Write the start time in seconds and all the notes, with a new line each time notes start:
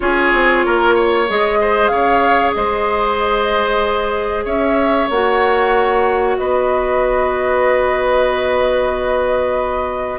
0.00 C#4 F4 G#4 C#5
0.33 C4
0.65 A#3 A#4
0.94 C#5
1.27 G#3 G#4 D#5
1.61 C5
1.87 C#3 C#5 F5
2.53 G#3 C5 D#5
4.44 C#4 C#5 E5
5.10 A#3 F#4 F#5
6.37 B3 B4 D#5